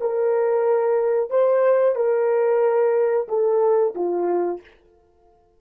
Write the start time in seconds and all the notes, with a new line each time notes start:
0.00 A#4
1.30 C5
1.95 A#4
3.28 A4
3.94 F4